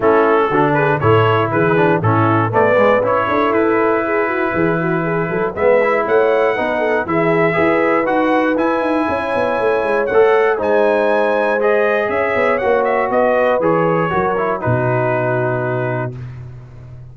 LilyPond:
<<
  \new Staff \with { instrumentName = "trumpet" } { \time 4/4 \tempo 4 = 119 a'4. b'8 cis''4 b'4 | a'4 d''4 cis''4 b'4~ | b'2. e''4 | fis''2 e''2 |
fis''4 gis''2. | fis''4 gis''2 dis''4 | e''4 fis''8 e''8 dis''4 cis''4~ | cis''4 b'2. | }
  \new Staff \with { instrumentName = "horn" } { \time 4/4 e'4 fis'8 gis'8 a'4 gis'4 | e'4 b'4. a'4. | gis'8 fis'8 gis'8 fis'8 gis'8 a'8 b'4 | cis''4 b'8 a'8 gis'4 b'4~ |
b'2 cis''2~ | cis''4 c''2. | cis''2 b'2 | ais'4 fis'2. | }
  \new Staff \with { instrumentName = "trombone" } { \time 4/4 cis'4 d'4 e'4. d'8 | cis'4 a8 gis8 e'2~ | e'2. b8 e'8~ | e'4 dis'4 e'4 gis'4 |
fis'4 e'2. | a'4 dis'2 gis'4~ | gis'4 fis'2 gis'4 | fis'8 e'8 dis'2. | }
  \new Staff \with { instrumentName = "tuba" } { \time 4/4 a4 d4 a,4 e4 | a,4 b4 cis'8 d'8 e'4~ | e'4 e4. fis8 gis4 | a4 b4 e4 e'4 |
dis'4 e'8 dis'8 cis'8 b8 a8 gis8 | a4 gis2. | cis'8 b8 ais4 b4 e4 | fis4 b,2. | }
>>